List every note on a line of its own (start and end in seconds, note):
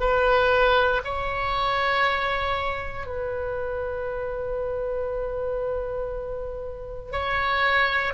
0.00 1.02 B4
1.04 3.06 C#5
3.06 7.12 B4
7.12 8.14 C#5